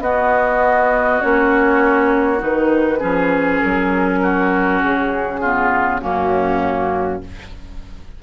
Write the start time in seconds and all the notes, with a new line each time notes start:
0.00 B3 F#4 D#5
1.21 A#3 C#4 C#5
2.39 D#3 D#4 B4
2.99 F3 C#4 G#4
3.60 F#3 A#4
4.22 F#4
4.83 C#3 G#4
5.41 B3 F4
6.01 F#2 A#3 C#4 F#4